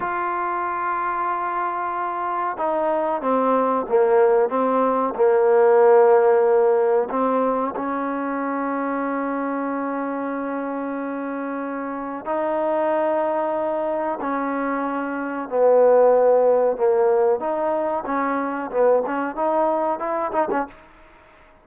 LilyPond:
\new Staff \with { instrumentName = "trombone" } { \time 4/4 \tempo 4 = 93 f'1 | dis'4 c'4 ais4 c'4 | ais2. c'4 | cis'1~ |
cis'2. dis'4~ | dis'2 cis'2 | b2 ais4 dis'4 | cis'4 b8 cis'8 dis'4 e'8 dis'16 cis'16 | }